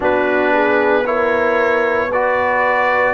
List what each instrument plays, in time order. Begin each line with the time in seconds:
0.00 tuba B3, trombone D4, horn F#4, trumpet B4
0.52 horn G#4
1.05 trombone E4, horn A#4, trumpet C#5
2.08 trombone F#4, horn B4, trumpet D5